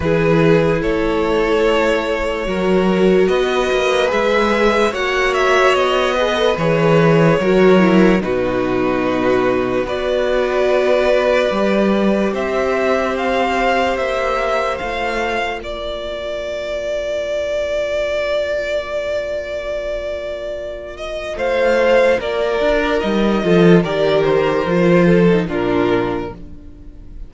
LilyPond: <<
  \new Staff \with { instrumentName = "violin" } { \time 4/4 \tempo 4 = 73 b'4 cis''2. | dis''4 e''4 fis''8 e''8 dis''4 | cis''2 b'2 | d''2. e''4 |
f''4 e''4 f''4 d''4~ | d''1~ | d''4. dis''8 f''4 d''4 | dis''4 d''8 c''4. ais'4 | }
  \new Staff \with { instrumentName = "violin" } { \time 4/4 gis'4 a'2 ais'4 | b'2 cis''4. b'8~ | b'4 ais'4 fis'2 | b'2. c''4~ |
c''2. ais'4~ | ais'1~ | ais'2 c''4 ais'4~ | ais'8 a'8 ais'4. a'8 f'4 | }
  \new Staff \with { instrumentName = "viola" } { \time 4/4 e'2. fis'4~ | fis'4 gis'4 fis'4. gis'16 a'16 | gis'4 fis'8 e'8 dis'2 | fis'2 g'2~ |
g'2 f'2~ | f'1~ | f'1 | dis'8 f'8 g'4 f'8. dis'16 d'4 | }
  \new Staff \with { instrumentName = "cello" } { \time 4/4 e4 a2 fis4 | b8 ais8 gis4 ais4 b4 | e4 fis4 b,2 | b2 g4 c'4~ |
c'4 ais4 a4 ais4~ | ais1~ | ais2 a4 ais8 d'8 | g8 f8 dis4 f4 ais,4 | }
>>